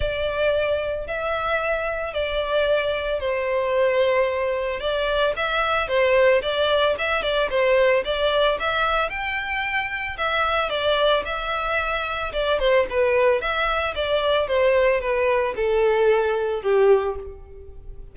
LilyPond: \new Staff \with { instrumentName = "violin" } { \time 4/4 \tempo 4 = 112 d''2 e''2 | d''2 c''2~ | c''4 d''4 e''4 c''4 | d''4 e''8 d''8 c''4 d''4 |
e''4 g''2 e''4 | d''4 e''2 d''8 c''8 | b'4 e''4 d''4 c''4 | b'4 a'2 g'4 | }